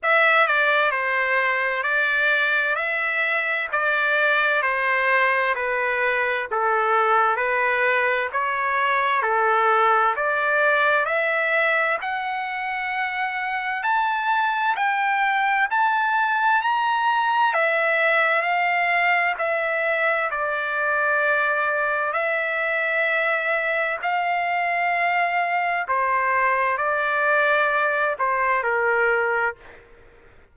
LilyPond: \new Staff \with { instrumentName = "trumpet" } { \time 4/4 \tempo 4 = 65 e''8 d''8 c''4 d''4 e''4 | d''4 c''4 b'4 a'4 | b'4 cis''4 a'4 d''4 | e''4 fis''2 a''4 |
g''4 a''4 ais''4 e''4 | f''4 e''4 d''2 | e''2 f''2 | c''4 d''4. c''8 ais'4 | }